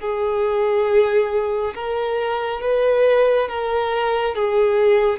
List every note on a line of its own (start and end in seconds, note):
0.00 1.74 G#4
1.75 2.61 A#4
2.61 3.48 B4
3.48 4.35 A#4
4.35 5.19 G#4